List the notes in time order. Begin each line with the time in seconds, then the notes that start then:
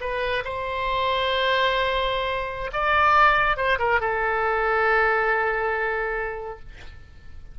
0.00 B4
0.44 C5
2.72 D5
3.56 C5
3.78 A#4
4.00 A4